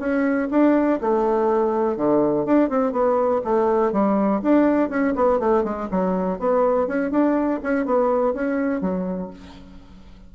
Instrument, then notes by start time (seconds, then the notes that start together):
bassoon
0.00 C#4
0.51 D4
1.01 A3
1.97 D3
2.46 D4
2.70 C4
2.93 B3
3.44 A3
3.93 G3
4.43 D4
4.90 C#4
5.16 B3
5.40 A3
5.64 G#3
5.91 F#3
6.39 B3
6.88 C#4
7.12 D4
7.63 C#4
7.86 B3
8.34 C#4
8.81 F#3